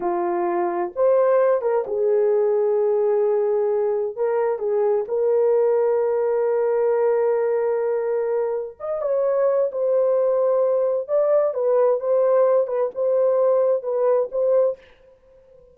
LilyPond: \new Staff \with { instrumentName = "horn" } { \time 4/4 \tempo 4 = 130 f'2 c''4. ais'8 | gis'1~ | gis'4 ais'4 gis'4 ais'4~ | ais'1~ |
ais'2. dis''8 cis''8~ | cis''4 c''2. | d''4 b'4 c''4. b'8 | c''2 b'4 c''4 | }